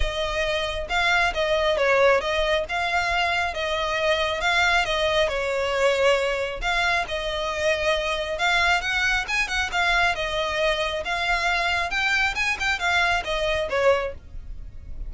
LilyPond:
\new Staff \with { instrumentName = "violin" } { \time 4/4 \tempo 4 = 136 dis''2 f''4 dis''4 | cis''4 dis''4 f''2 | dis''2 f''4 dis''4 | cis''2. f''4 |
dis''2. f''4 | fis''4 gis''8 fis''8 f''4 dis''4~ | dis''4 f''2 g''4 | gis''8 g''8 f''4 dis''4 cis''4 | }